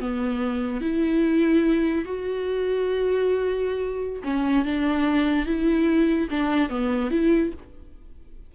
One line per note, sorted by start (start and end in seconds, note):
0.00 0.81 B3
0.81 2.05 E4
2.05 4.22 F#4
4.24 4.65 C#4
4.65 5.46 D4
5.46 6.29 E4
6.30 6.70 D4
6.70 7.11 B3
7.11 7.52 E4